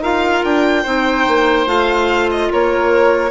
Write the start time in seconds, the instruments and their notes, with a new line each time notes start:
0.00 bassoon D#4, clarinet F4, oboe A#4, violin F5
0.44 bassoon D4, violin G5
0.83 bassoon C4, clarinet D#4, oboe C5
1.27 bassoon A#3
1.66 bassoon A3, clarinet F4, violin F5
2.31 violin D#5
2.52 bassoon A#3, oboe A#4, violin C#5